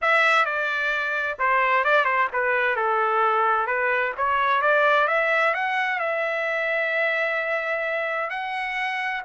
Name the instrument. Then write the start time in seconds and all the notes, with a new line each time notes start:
trumpet
0.01 E5
0.45 D5
1.38 C5
1.84 D5
2.05 C5
2.33 B4
2.76 A4
3.67 B4
4.17 C#5
4.61 D5
5.07 E5
5.53 F#5
5.99 E5
8.30 F#5